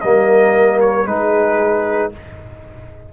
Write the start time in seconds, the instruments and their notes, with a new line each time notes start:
0.00 tuba G3, trombone A#3, horn A#4, trumpet D#5
0.80 trumpet C#5
1.05 tuba G#3, trombone D#4, horn G#4, trumpet B4